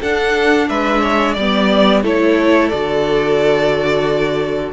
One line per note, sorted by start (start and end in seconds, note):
0.00 0.69 D4
0.00 1.37 D4
0.00 0.67 A4
0.00 0.69 F#5
0.68 1.36 G#3
0.68 1.01 B4
0.68 1.33 E5
1.01 1.35 C#5
1.33 2.03 G3
1.33 2.00 D5
1.33 2.02 D5
1.39 2.04 B3
2.02 2.71 A3
2.02 2.71 E4
2.02 4.72 A4
2.02 2.69 C#5
2.69 4.72 D3
2.69 4.72 F#4
2.69 4.71 D5